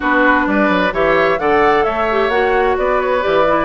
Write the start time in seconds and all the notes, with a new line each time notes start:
0.00 B3 D4 F#4 B4
0.46 G3 B4 D5
0.68 F#3
0.92 E3 G4 C#5 E5
1.38 D3 A4 D5 F#5
1.83 A3 C#5 E5
2.10 G4
2.28 A#3 F#4 F#5
2.77 B3 B4 D5
3.00 C#5
3.21 E3 G4 D5
3.47 E4